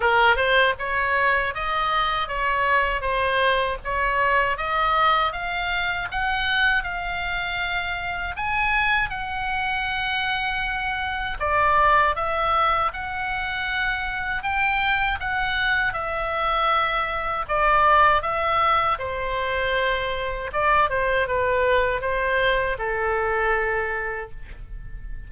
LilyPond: \new Staff \with { instrumentName = "oboe" } { \time 4/4 \tempo 4 = 79 ais'8 c''8 cis''4 dis''4 cis''4 | c''4 cis''4 dis''4 f''4 | fis''4 f''2 gis''4 | fis''2. d''4 |
e''4 fis''2 g''4 | fis''4 e''2 d''4 | e''4 c''2 d''8 c''8 | b'4 c''4 a'2 | }